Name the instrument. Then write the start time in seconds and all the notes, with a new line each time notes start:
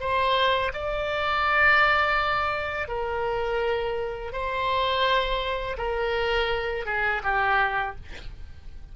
oboe
0.00 C5
0.73 D5
2.88 A#4
4.32 C5
5.78 A#4
6.86 G#4
7.24 G4